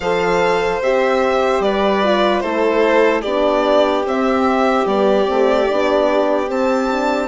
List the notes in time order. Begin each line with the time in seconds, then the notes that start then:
0.00 F3 A4 C5 F5
0.82 C4 G4 E5
1.60 G3 B4 D5
2.04 F4
2.40 A3 E4 A4 C5
3.21 B3 D4 G4 D5
4.04 C4 E5
4.85 G3 B3 D5
5.25 A3 C4
5.68 B3 D4
6.47 C4 A5
6.91 D4